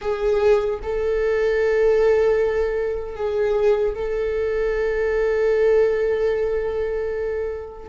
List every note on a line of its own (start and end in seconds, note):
0.01 0.80 G#4
0.82 3.15 A4
3.15 3.94 G#4
3.94 7.89 A4